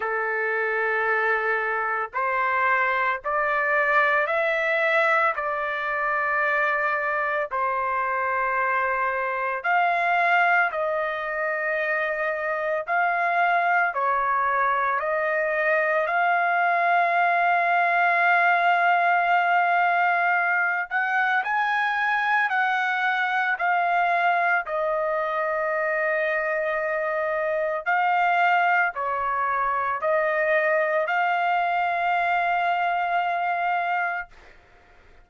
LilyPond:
\new Staff \with { instrumentName = "trumpet" } { \time 4/4 \tempo 4 = 56 a'2 c''4 d''4 | e''4 d''2 c''4~ | c''4 f''4 dis''2 | f''4 cis''4 dis''4 f''4~ |
f''2.~ f''8 fis''8 | gis''4 fis''4 f''4 dis''4~ | dis''2 f''4 cis''4 | dis''4 f''2. | }